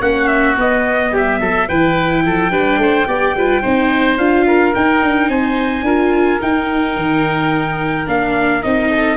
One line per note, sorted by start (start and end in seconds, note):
0.00 0.56 A#3
0.00 0.57 C#4
0.00 1.11 F#4
0.00 0.27 F#5
0.27 0.55 E5
0.57 1.68 B3
0.57 1.12 B3
0.57 1.16 D#5
1.11 1.39 G3
1.11 1.39 G4
1.11 1.68 E5
1.40 1.68 F#3
1.40 1.68 A4
1.68 2.24 E3
1.68 2.51 E4
1.68 2.24 B4
1.68 4.17 G5
2.24 2.50 F3
2.24 2.52 A4
2.50 2.78 G3
2.50 3.06 D4
2.50 2.79 B4
2.78 3.05 A3
2.78 3.07 C5
3.07 3.34 B3
3.07 3.35 G4
3.07 3.35 D5
3.34 3.62 G3
3.34 3.63 F4
3.34 3.62 B4
3.62 4.17 C4
3.62 4.18 D#4
3.62 4.45 C5
4.17 4.73 D4
4.17 4.74 F4
4.17 4.73 F5
4.47 5.30 A#4
4.75 5.85 D#4
4.75 5.02 D#4
4.75 5.30 G5
5.02 5.28 D4
5.28 5.82 C4
5.28 5.85 C5
5.28 6.41 G#5
5.82 6.37 D4
5.82 6.40 F4
5.82 8.90 A#4
6.40 8.06 D#4
6.40 6.96 D#4
6.40 8.08 G5
6.96 8.07 D#3
8.06 8.63 A#3
8.06 8.62 D4
8.06 8.62 F5
8.62 9.16 C4
8.62 9.16 D#4
8.62 9.16 D#5
8.90 9.16 A4